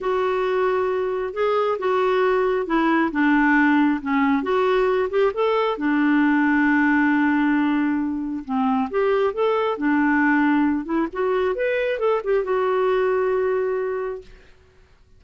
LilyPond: \new Staff \with { instrumentName = "clarinet" } { \time 4/4 \tempo 4 = 135 fis'2. gis'4 | fis'2 e'4 d'4~ | d'4 cis'4 fis'4. g'8 | a'4 d'2.~ |
d'2. c'4 | g'4 a'4 d'2~ | d'8 e'8 fis'4 b'4 a'8 g'8 | fis'1 | }